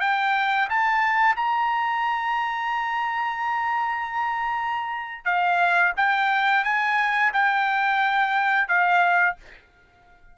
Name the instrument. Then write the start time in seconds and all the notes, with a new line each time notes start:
trumpet
0.00 G5
0.69 A5
1.36 A#5
5.25 F5
5.96 G5
6.64 G#5
7.33 G5
8.68 F5